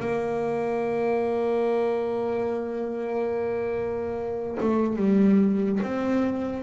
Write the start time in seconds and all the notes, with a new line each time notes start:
0.00 A#3
4.61 A3
4.97 G3
5.83 C4